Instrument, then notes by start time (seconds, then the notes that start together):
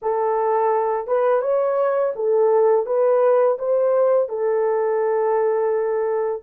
horn
0.02 A4
1.07 B4
1.41 C#5
2.15 A4
2.86 B4
3.58 C5
4.29 A4